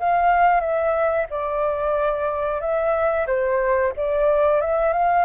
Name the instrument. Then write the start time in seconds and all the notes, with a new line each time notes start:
flute
0.00 F5
0.61 E5
1.30 D5
2.61 E5
3.27 C5
3.97 D5
4.61 E5
4.93 F5